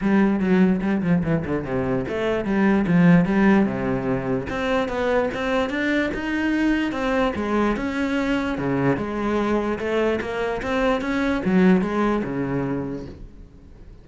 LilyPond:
\new Staff \with { instrumentName = "cello" } { \time 4/4 \tempo 4 = 147 g4 fis4 g8 f8 e8 d8 | c4 a4 g4 f4 | g4 c2 c'4 | b4 c'4 d'4 dis'4~ |
dis'4 c'4 gis4 cis'4~ | cis'4 cis4 gis2 | a4 ais4 c'4 cis'4 | fis4 gis4 cis2 | }